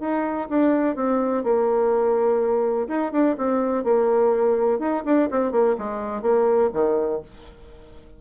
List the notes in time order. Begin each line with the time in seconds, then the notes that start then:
0.00 D#4
0.49 D4
0.95 C4
1.43 A#3
2.88 D#4
3.12 D4
3.38 C4
3.84 A#3
4.79 D#4
5.05 D4
5.31 C4
5.51 A#3
5.78 G#3
6.22 A#3
6.73 D#3